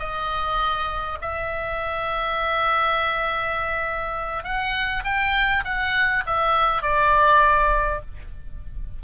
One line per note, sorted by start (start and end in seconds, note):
0.00 1.19 D#5
1.22 4.44 E5
4.44 5.04 F#5
5.05 5.64 G5
5.65 6.24 F#5
6.27 6.83 E5
6.83 8.01 D5